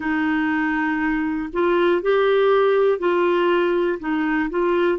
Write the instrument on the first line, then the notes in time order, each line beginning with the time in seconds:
clarinet
0.00 D#4
1.53 F4
2.02 G4
2.98 F4
4.00 D#4
4.50 F4